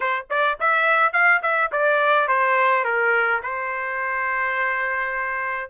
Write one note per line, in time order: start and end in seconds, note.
0.00 0.26 C5
0.30 0.58 D5
0.60 1.12 E5
1.12 1.41 F5
1.42 1.71 E5
1.71 2.28 D5
2.28 2.84 C5
2.84 3.41 A#4
3.43 5.70 C5